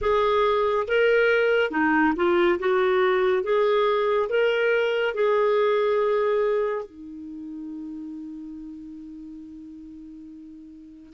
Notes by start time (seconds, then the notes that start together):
0.01 G#4
0.87 A#4
1.71 D#4
2.15 F4
2.59 F#4
3.43 G#4
4.29 A#4
5.14 G#4
6.85 D#4